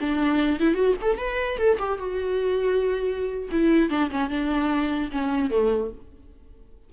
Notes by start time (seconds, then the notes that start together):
0.00 D4
0.60 E4
0.74 F#4
1.02 A4
1.18 B4
1.58 A4
1.79 G4
1.98 F#4
3.51 E4
3.90 D4
4.11 C#4
4.30 D4
5.12 C#4
5.50 A3